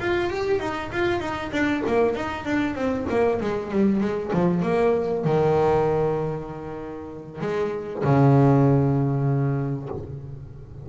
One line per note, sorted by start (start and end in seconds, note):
0.00 0.30 F4
0.30 0.60 G4
0.60 0.91 D#4
0.92 1.20 F4
1.20 1.51 D#4
1.52 1.83 D4
1.87 2.15 A#3
2.15 2.45 D#4
2.45 2.75 D4
2.75 3.06 C4
3.09 3.40 A#3
3.41 3.71 G#3
3.71 4.00 G3
4.00 4.31 G#3
4.33 4.62 F3
4.62 5.24 A#3
5.24 7.41 D#3
7.41 8.03 G#3
8.04 9.89 C#3